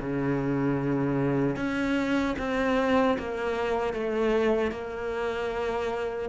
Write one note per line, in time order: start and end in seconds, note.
0.00 1.56 C#3
1.56 2.35 C#4
2.38 3.17 C4
3.18 3.93 A#3
3.93 4.71 A3
4.71 6.29 A#3